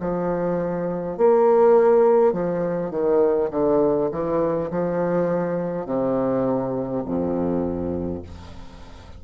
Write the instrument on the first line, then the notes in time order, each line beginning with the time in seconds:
bassoon
0.00 F3
1.17 A#3
2.33 F3
2.90 D#3
3.51 D3
4.11 E3
4.71 F3
5.86 C3
7.05 F2